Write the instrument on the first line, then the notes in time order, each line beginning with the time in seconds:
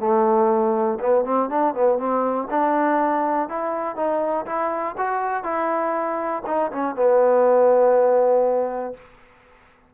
trombone
0.00 A3
1.01 B3
1.25 C4
1.50 D4
1.75 B3
1.99 C4
2.51 D4
3.49 E4
3.96 D#4
4.46 E4
4.98 F#4
5.44 E4
6.47 D#4
6.72 C#4
6.96 B3